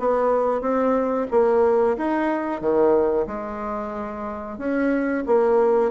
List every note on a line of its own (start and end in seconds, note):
0.00 0.61 B3
0.61 1.27 C4
1.31 1.97 A#3
1.98 2.61 D#4
2.61 3.27 D#3
3.27 4.59 G#3
4.59 5.24 C#4
5.27 5.92 A#3